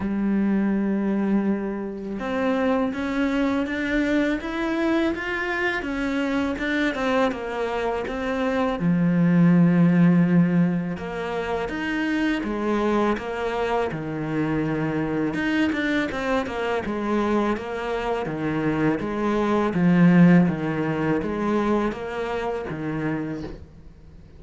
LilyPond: \new Staff \with { instrumentName = "cello" } { \time 4/4 \tempo 4 = 82 g2. c'4 | cis'4 d'4 e'4 f'4 | cis'4 d'8 c'8 ais4 c'4 | f2. ais4 |
dis'4 gis4 ais4 dis4~ | dis4 dis'8 d'8 c'8 ais8 gis4 | ais4 dis4 gis4 f4 | dis4 gis4 ais4 dis4 | }